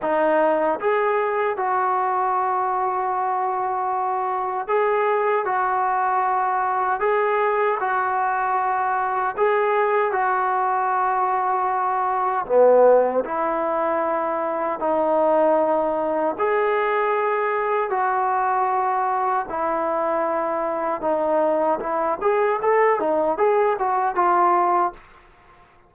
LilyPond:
\new Staff \with { instrumentName = "trombone" } { \time 4/4 \tempo 4 = 77 dis'4 gis'4 fis'2~ | fis'2 gis'4 fis'4~ | fis'4 gis'4 fis'2 | gis'4 fis'2. |
b4 e'2 dis'4~ | dis'4 gis'2 fis'4~ | fis'4 e'2 dis'4 | e'8 gis'8 a'8 dis'8 gis'8 fis'8 f'4 | }